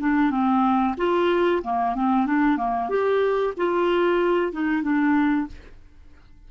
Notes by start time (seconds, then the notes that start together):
0.00 D4
0.31 C4
0.98 F4
1.63 A#3
1.95 C4
2.27 D4
2.58 A#3
2.90 G4
3.58 F4
4.52 D#4
4.83 D4